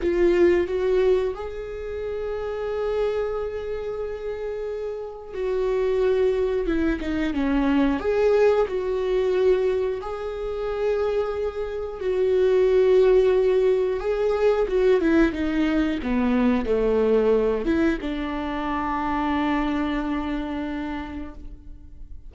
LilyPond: \new Staff \with { instrumentName = "viola" } { \time 4/4 \tempo 4 = 90 f'4 fis'4 gis'2~ | gis'1 | fis'2 e'8 dis'8 cis'4 | gis'4 fis'2 gis'4~ |
gis'2 fis'2~ | fis'4 gis'4 fis'8 e'8 dis'4 | b4 a4. e'8 d'4~ | d'1 | }